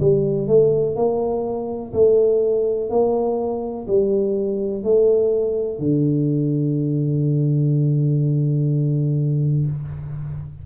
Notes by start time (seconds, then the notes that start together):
0.00 G3
0.48 A3
0.96 A#3
1.93 A3
2.90 A#3
3.88 G3
4.83 A3
5.79 D3